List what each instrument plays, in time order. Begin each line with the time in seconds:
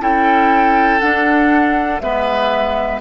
0.00 bassoon C#4, clarinet E4, oboe A4, flute G5
1.00 clarinet D4, bassoon D4, flute F#5
2.00 bassoon G#3, clarinet B3, oboe B4, flute E5